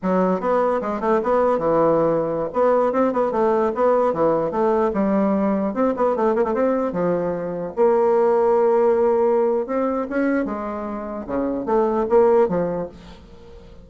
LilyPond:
\new Staff \with { instrumentName = "bassoon" } { \time 4/4 \tempo 4 = 149 fis4 b4 gis8 a8 b4 | e2~ e16 b4 c'8 b16~ | b16 a4 b4 e4 a8.~ | a16 g2 c'8 b8 a8 ais16 |
a16 c'4 f2 ais8.~ | ais1 | c'4 cis'4 gis2 | cis4 a4 ais4 f4 | }